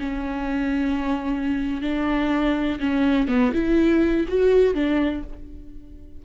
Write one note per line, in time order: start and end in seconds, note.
0.00 1.82 C#4
1.82 2.80 D4
2.80 3.28 C#4
3.28 3.53 B3
3.54 4.27 E4
4.29 4.75 F#4
4.75 5.24 D4